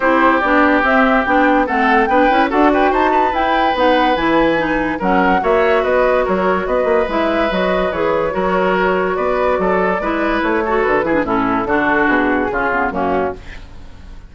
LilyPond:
<<
  \new Staff \with { instrumentName = "flute" } { \time 4/4 \tempo 4 = 144 c''4 d''4 e''4 g''4 | fis''4 g''4 fis''8 g''8 a''4 | g''4 fis''4 gis''2 | fis''4 e''4 dis''4 cis''4 |
dis''4 e''4 dis''4 cis''4~ | cis''2 d''2~ | d''4 cis''4 b'4 a'4~ | a'4 gis'2 fis'4 | }
  \new Staff \with { instrumentName = "oboe" } { \time 4/4 g'1 | a'4 b'4 a'8 b'8 c''8 b'8~ | b'1 | ais'4 cis''4 b'4 ais'4 |
b'1 | ais'2 b'4 a'4 | b'4. a'4 gis'8 e'4 | fis'2 f'4 cis'4 | }
  \new Staff \with { instrumentName = "clarinet" } { \time 4/4 e'4 d'4 c'4 d'4 | c'4 d'8 e'8 fis'2 | e'4 dis'4 e'4 dis'4 | cis'4 fis'2.~ |
fis'4 e'4 fis'4 gis'4 | fis'1 | e'4. fis'4 e'16 d'16 cis'4 | d'2 cis'8 b8 ais4 | }
  \new Staff \with { instrumentName = "bassoon" } { \time 4/4 c'4 b4 c'4 b4 | a4 b8 cis'8 d'4 dis'4 | e'4 b4 e2 | fis4 ais4 b4 fis4 |
b8 ais8 gis4 fis4 e4 | fis2 b4 fis4 | gis4 a4 d8 e8 a,4 | d4 b,4 cis4 fis,4 | }
>>